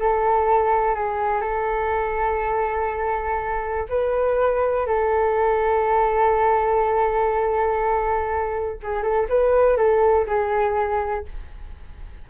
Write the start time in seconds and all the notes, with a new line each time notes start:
0.00 A4
0.95 G#4
1.42 A4
3.90 B4
4.87 A4
8.83 G#4
9.03 A4
9.30 B4
9.77 A4
10.27 G#4